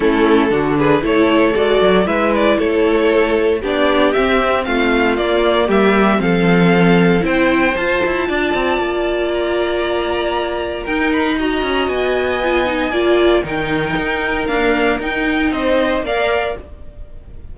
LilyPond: <<
  \new Staff \with { instrumentName = "violin" } { \time 4/4 \tempo 4 = 116 a'4. b'8 cis''4 d''4 | e''8 d''8 cis''2 d''4 | e''4 f''4 d''4 e''4 | f''2 g''4 a''4~ |
a''2 ais''2~ | ais''4 g''8 b''8 ais''4 gis''4~ | gis''2 g''2 | f''4 g''4 dis''4 f''4 | }
  \new Staff \with { instrumentName = "violin" } { \time 4/4 e'4 fis'8 gis'8 a'2 | b'4 a'2 g'4~ | g'4 f'2 g'4 | a'2 c''2 |
d''1~ | d''4 ais'4 dis''2~ | dis''4 d''4 ais'2~ | ais'2 c''4 d''4 | }
  \new Staff \with { instrumentName = "viola" } { \time 4/4 cis'4 d'4 e'4 fis'4 | e'2. d'4 | c'2 ais2 | c'2 e'4 f'4~ |
f'1~ | f'4 dis'4 fis'2 | f'8 dis'8 f'4 dis'2 | ais4 dis'2 ais'4 | }
  \new Staff \with { instrumentName = "cello" } { \time 4/4 a4 d4 a4 gis8 fis8 | gis4 a2 b4 | c'4 a4 ais4 g4 | f2 c'4 f'8 e'8 |
d'8 c'8 ais2.~ | ais4 dis'4. cis'8 b4~ | b4 ais4 dis4 dis'4 | d'4 dis'4 c'4 ais4 | }
>>